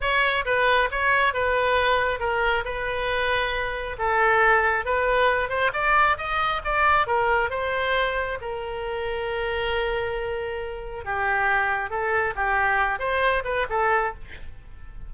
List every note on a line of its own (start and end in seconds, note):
0.00 0.44 C#5
0.45 0.89 B4
0.91 1.33 C#5
1.33 2.19 B4
2.19 2.64 A#4
2.64 3.97 B4
3.98 4.85 A4
4.85 5.49 B4
5.49 5.71 C5
5.73 6.17 D5
6.17 6.61 D#5
6.64 7.06 D5
7.06 7.50 A#4
7.50 8.38 C5
8.41 11.04 A#4
11.04 11.90 G4
11.90 12.34 A4
12.35 12.99 G4
12.99 13.43 C5
13.44 13.66 B4
13.69 14.13 A4